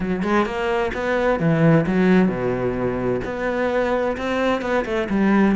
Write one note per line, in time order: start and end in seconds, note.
0.00 0.23 F#3
0.23 0.45 G#3
0.45 0.91 A#3
0.93 1.39 B3
1.39 1.85 E3
1.86 2.28 F#3
2.28 3.20 B2
3.24 4.16 B3
4.17 4.61 C4
4.61 4.84 B3
4.85 5.08 A3
5.09 5.56 G3